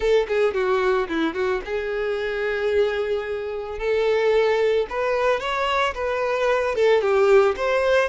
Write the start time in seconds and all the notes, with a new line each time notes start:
0.00 A4
0.28 G#4
0.54 F#4
1.08 E4
1.34 F#4
1.65 G#4
3.78 A4
4.89 B4
5.40 C#5
5.94 B4
6.75 A4
7.01 G4
7.56 C5